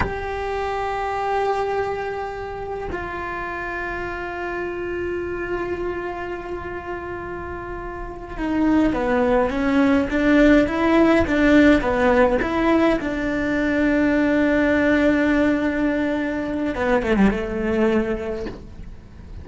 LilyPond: \new Staff \with { instrumentName = "cello" } { \time 4/4 \tempo 4 = 104 g'1~ | g'4 f'2.~ | f'1~ | f'2~ f'8 dis'4 b8~ |
b8 cis'4 d'4 e'4 d'8~ | d'8 b4 e'4 d'4.~ | d'1~ | d'4 b8 a16 g16 a2 | }